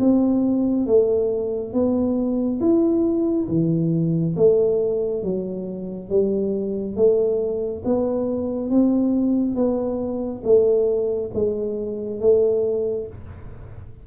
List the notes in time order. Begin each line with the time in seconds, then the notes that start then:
0.00 C4
0.87 A3
1.74 B3
2.61 E4
3.49 E3
4.37 A3
5.24 F#3
6.10 G3
6.96 A3
7.85 B3
8.71 C4
9.56 B3
10.45 A3
11.34 G#3
12.21 A3